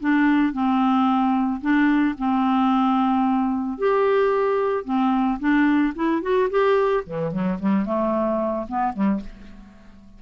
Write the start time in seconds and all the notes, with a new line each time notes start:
0.00 D4
0.53 C4
1.62 D4
2.18 C4
3.78 G4
4.85 C4
5.40 D4
5.96 E4
6.22 F#4
6.50 G4
7.06 E3
7.32 F#3
7.59 G3
7.86 A3
8.69 B3
8.93 G3